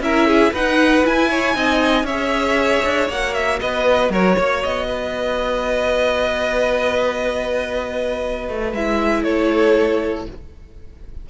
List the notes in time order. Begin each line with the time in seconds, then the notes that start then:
0.00 C#4 E4 A#4 E5
0.27 G#4
0.52 D#4 B4 F#5
1.04 E4 G#5
1.30 C#5
1.54 C4 D#4 D#5
2.03 C#4 C#5 E5
2.10 G#4
2.85 D4
3.09 A#3 F#4 F#5
3.34 E5
3.60 B3 B4 D#5
4.10 F#3 A#4 C#5
4.35 A#3 C#5
4.63 B3 D#5
4.87 B4
8.49 A3
8.73 G#3 E4 E5
9.22 A3 A4 C#5